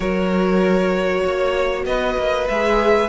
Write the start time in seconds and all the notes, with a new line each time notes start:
0.00 F#3 F#4 A#4 C#5
1.23 A#3 C#5
1.85 B3 B4 D#5
2.17 A#3
2.48 G#3 G#4 E5